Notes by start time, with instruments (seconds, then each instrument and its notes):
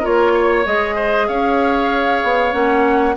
0.00 bassoon A#3, clarinet F4, oboe A#4, flute C#5
0.34 oboe C#5
0.66 bassoon G#3, clarinet G#4, flute D#5
0.95 oboe C5
1.28 bassoon C#4, oboe C#5, flute F5
2.24 bassoon B3
2.52 bassoon A#3, clarinet C#4, flute F#5